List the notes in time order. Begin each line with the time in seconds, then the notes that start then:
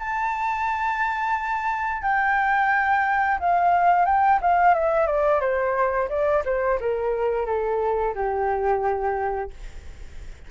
0.00 A5
2.03 G5
3.40 F5
4.06 G5
4.42 F5
4.75 E5
5.07 D5
5.41 C5
6.09 D5
6.46 C5
6.81 A#4
7.46 A4
8.15 G4